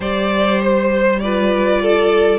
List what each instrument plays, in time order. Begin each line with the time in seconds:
0.00 cello G3, viola G4, violin C5 D5
0.62 violin C5
1.19 viola F4, violin B4 D5
1.81 violin A4